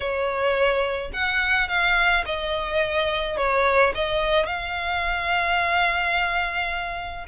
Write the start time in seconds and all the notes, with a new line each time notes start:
0.00 C#5
1.13 F#5
1.68 F5
2.25 D#5
3.37 C#5
3.94 D#5
4.46 F5